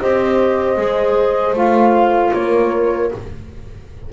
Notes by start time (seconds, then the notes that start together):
0.00 C4 G4 C5 D#5
0.77 G#3 G#4
1.54 A3 F4 F5
2.33 A#3 A#4 C#5